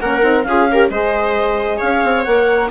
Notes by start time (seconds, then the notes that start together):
0.00 A#3 C#4 A#4 F#5
0.22 C4 D#4
0.43 C#4 F4 G#4 F5
0.71 G4 A#4
0.90 G#3 G#4 C5 D#5
1.78 C#4 C#5 F5
2.04 C4
2.24 A#3 A#4 F#5